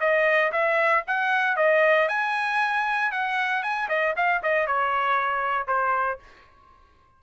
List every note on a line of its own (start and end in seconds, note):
0.00 0.52 D#5
0.52 1.04 E5
1.07 1.57 F#5
1.57 2.08 D#5
2.08 3.12 G#5
3.12 3.63 F#5
3.63 3.89 G#5
3.89 4.15 D#5
4.16 4.42 F5
4.43 4.67 D#5
4.67 5.67 C#5
5.67 6.19 C5